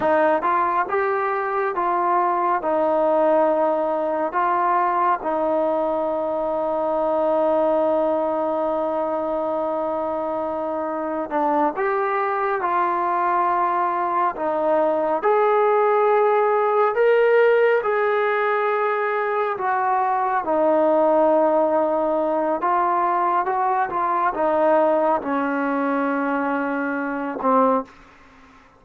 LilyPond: \new Staff \with { instrumentName = "trombone" } { \time 4/4 \tempo 4 = 69 dis'8 f'8 g'4 f'4 dis'4~ | dis'4 f'4 dis'2~ | dis'1~ | dis'4 d'8 g'4 f'4.~ |
f'8 dis'4 gis'2 ais'8~ | ais'8 gis'2 fis'4 dis'8~ | dis'2 f'4 fis'8 f'8 | dis'4 cis'2~ cis'8 c'8 | }